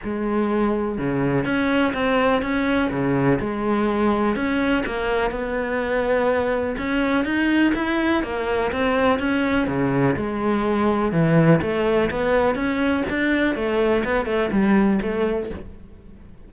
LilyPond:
\new Staff \with { instrumentName = "cello" } { \time 4/4 \tempo 4 = 124 gis2 cis4 cis'4 | c'4 cis'4 cis4 gis4~ | gis4 cis'4 ais4 b4~ | b2 cis'4 dis'4 |
e'4 ais4 c'4 cis'4 | cis4 gis2 e4 | a4 b4 cis'4 d'4 | a4 b8 a8 g4 a4 | }